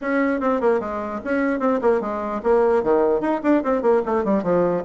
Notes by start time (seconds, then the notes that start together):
0.01 C#4
0.40 C4
0.60 A#3
0.79 G#3
1.24 C#4
1.59 C4
1.81 A#3
2.01 G#3
2.43 A#3
2.83 D#3
3.20 D#4
3.43 D4
3.63 C4
3.82 A#3
4.05 A3
4.24 G3
4.43 F3